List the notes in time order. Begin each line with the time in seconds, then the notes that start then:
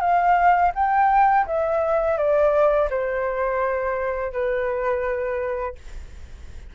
0.00 F5
0.74 G5
1.46 E5
2.17 D5
2.90 C5
4.32 B4